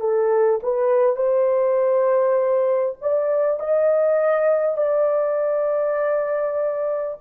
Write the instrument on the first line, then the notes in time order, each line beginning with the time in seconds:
horn
0.00 A4
0.63 B4
1.16 C5
3.01 D5
3.59 D#5
4.77 D5